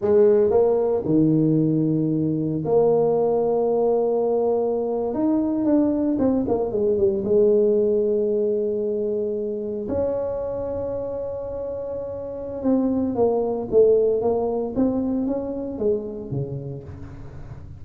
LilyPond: \new Staff \with { instrumentName = "tuba" } { \time 4/4 \tempo 4 = 114 gis4 ais4 dis2~ | dis4 ais2.~ | ais4.~ ais16 dis'4 d'4 c'16~ | c'16 ais8 gis8 g8 gis2~ gis16~ |
gis2~ gis8. cis'4~ cis'16~ | cis'1 | c'4 ais4 a4 ais4 | c'4 cis'4 gis4 cis4 | }